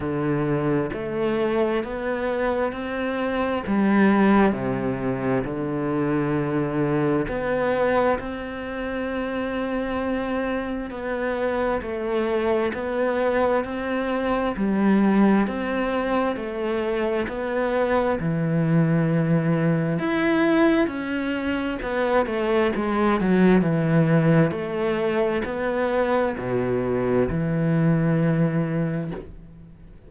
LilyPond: \new Staff \with { instrumentName = "cello" } { \time 4/4 \tempo 4 = 66 d4 a4 b4 c'4 | g4 c4 d2 | b4 c'2. | b4 a4 b4 c'4 |
g4 c'4 a4 b4 | e2 e'4 cis'4 | b8 a8 gis8 fis8 e4 a4 | b4 b,4 e2 | }